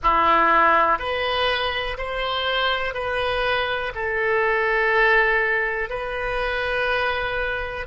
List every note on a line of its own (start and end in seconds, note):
0.02 0.98 E4
0.98 1.97 B4
1.97 2.94 C5
2.94 3.92 B4
3.94 5.89 A4
5.89 7.86 B4